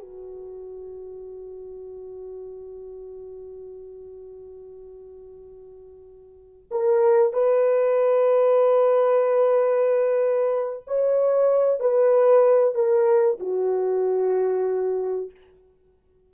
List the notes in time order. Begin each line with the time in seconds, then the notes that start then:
0.00 F#4
6.72 A#4
7.33 B4
10.88 C#5
11.80 B4
12.75 A#4
13.40 F#4